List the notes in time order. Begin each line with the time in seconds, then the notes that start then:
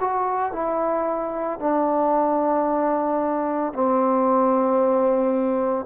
0.00 F#4
0.52 E4
1.59 D4
3.73 C4